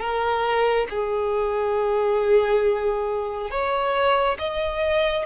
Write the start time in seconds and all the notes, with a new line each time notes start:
0.00 A#4
0.90 G#4
3.51 C#5
4.39 D#5